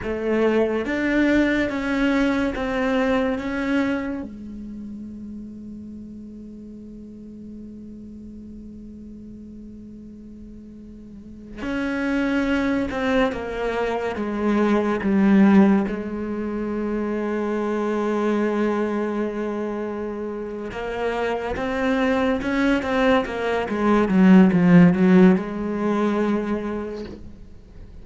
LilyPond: \new Staff \with { instrumentName = "cello" } { \time 4/4 \tempo 4 = 71 a4 d'4 cis'4 c'4 | cis'4 gis2.~ | gis1~ | gis4.~ gis16 cis'4. c'8 ais16~ |
ais8. gis4 g4 gis4~ gis16~ | gis1~ | gis8 ais4 c'4 cis'8 c'8 ais8 | gis8 fis8 f8 fis8 gis2 | }